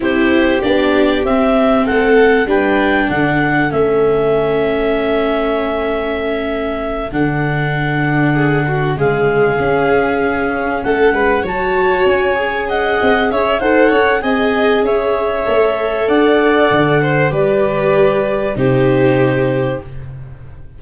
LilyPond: <<
  \new Staff \with { instrumentName = "clarinet" } { \time 4/4 \tempo 4 = 97 c''4 d''4 e''4 fis''4 | g''4 fis''4 e''2~ | e''2.~ e''8 fis''8~ | fis''2~ fis''8 f''4.~ |
f''4. fis''4 a''4 gis''8~ | gis''8 fis''4 e''8 fis''4 gis''4 | e''2 fis''2 | d''2 c''2 | }
  \new Staff \with { instrumentName = "violin" } { \time 4/4 g'2. a'4 | b'4 a'2.~ | a'1~ | a'4. gis'8 fis'8 gis'4.~ |
gis'4. a'8 b'8 cis''4.~ | cis''8 dis''4 cis''8 c''8 cis''8 dis''4 | cis''2 d''4. c''8 | b'2 g'2 | }
  \new Staff \with { instrumentName = "viola" } { \time 4/4 e'4 d'4 c'2 | d'2 cis'2~ | cis'2.~ cis'8 d'8~ | d'2~ d'8 gis4 cis'8~ |
cis'2~ cis'8 fis'4. | gis'2 a'4 gis'4~ | gis'4 a'2. | g'2 dis'2 | }
  \new Staff \with { instrumentName = "tuba" } { \time 4/4 c'4 b4 c'4 a4 | g4 d4 a2~ | a2.~ a8 d8~ | d2~ d8 cis4 cis'8~ |
cis'4. a8 gis8 fis4 cis'8~ | cis'4 c'8 cis'8 dis'8 cis'8 c'4 | cis'4 a4 d'4 d4 | g2 c2 | }
>>